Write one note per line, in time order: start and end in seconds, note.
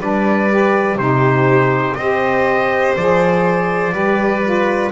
0.00 0.96 G3
0.00 0.50 D4
0.00 0.98 B4
0.00 0.98 D5
0.50 0.98 G4
0.96 1.94 C3
0.96 1.97 D#4
0.96 1.95 C5
1.02 1.97 G4
1.95 2.95 C4
1.95 2.98 G4
1.95 3.94 C5
1.95 2.94 D#5
2.97 3.93 F3
2.97 3.92 G#4
2.97 4.92 D5
3.92 4.91 G3
3.92 4.41 G4
3.92 4.92 B4
4.43 4.92 F4